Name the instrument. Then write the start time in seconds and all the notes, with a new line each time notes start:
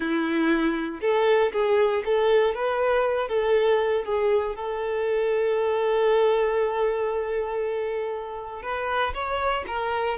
violin
0.00 E4
1.01 A4
1.52 G#4
2.05 A4
2.54 B4
3.28 A4
4.04 G#4
4.55 A4
8.62 B4
9.14 C#5
9.67 A#4